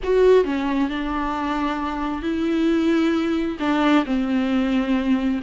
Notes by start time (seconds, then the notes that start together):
0.03 F#4
0.44 C#4
0.89 D4
2.22 E4
3.59 D4
4.05 C4